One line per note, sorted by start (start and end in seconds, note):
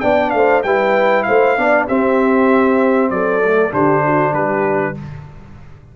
0.00 0.33 B3
0.00 0.63 D4
0.00 0.32 D5
0.00 0.30 G5
0.30 0.64 A3
0.30 0.64 C5
0.30 0.61 F5
0.63 1.26 G3
0.63 1.57 E4
0.63 1.26 B4
0.63 1.23 G5
1.23 1.57 A3
1.23 1.57 C5
1.23 1.85 F5
1.57 1.88 B3
1.57 1.88 D4
1.57 1.87 D5
1.87 3.43 C4
1.87 3.10 C4
1.87 3.11 G4
1.87 3.10 E5
3.10 3.72 F#3
3.10 3.73 A4
3.10 3.72 D5
3.44 3.71 A3
3.71 4.33 D3
3.71 4.94 D4
3.71 4.04 G4
3.71 4.34 C5
4.05 4.32 F#4
4.32 4.95 G3
4.32 4.94 G4
4.32 4.95 B4